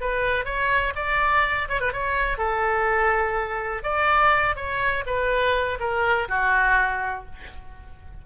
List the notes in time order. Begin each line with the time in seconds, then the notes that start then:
0.00 B4
0.45 C#5
0.95 D5
1.68 C#5
1.80 B4
1.92 C#5
2.37 A4
3.83 D5
4.55 C#5
5.06 B4
5.79 A#4
6.28 F#4